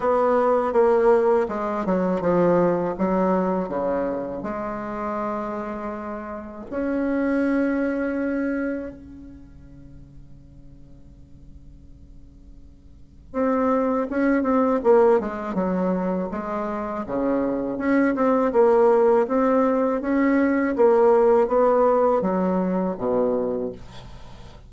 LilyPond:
\new Staff \with { instrumentName = "bassoon" } { \time 4/4 \tempo 4 = 81 b4 ais4 gis8 fis8 f4 | fis4 cis4 gis2~ | gis4 cis'2. | cis1~ |
cis2 c'4 cis'8 c'8 | ais8 gis8 fis4 gis4 cis4 | cis'8 c'8 ais4 c'4 cis'4 | ais4 b4 fis4 b,4 | }